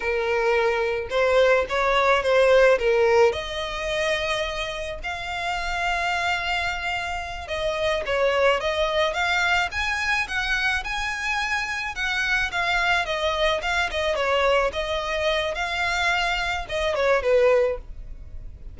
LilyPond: \new Staff \with { instrumentName = "violin" } { \time 4/4 \tempo 4 = 108 ais'2 c''4 cis''4 | c''4 ais'4 dis''2~ | dis''4 f''2.~ | f''4. dis''4 cis''4 dis''8~ |
dis''8 f''4 gis''4 fis''4 gis''8~ | gis''4. fis''4 f''4 dis''8~ | dis''8 f''8 dis''8 cis''4 dis''4. | f''2 dis''8 cis''8 b'4 | }